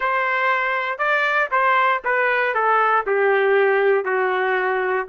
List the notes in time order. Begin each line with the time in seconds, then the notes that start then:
0.00 C5
0.98 D5
1.51 C5
2.04 B4
2.54 A4
3.06 G4
4.04 F#4